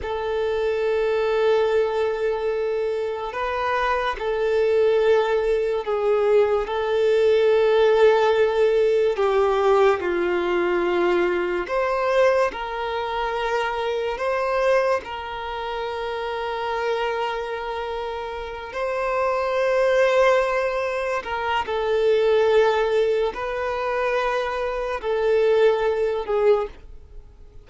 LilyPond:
\new Staff \with { instrumentName = "violin" } { \time 4/4 \tempo 4 = 72 a'1 | b'4 a'2 gis'4 | a'2. g'4 | f'2 c''4 ais'4~ |
ais'4 c''4 ais'2~ | ais'2~ ais'8 c''4.~ | c''4. ais'8 a'2 | b'2 a'4. gis'8 | }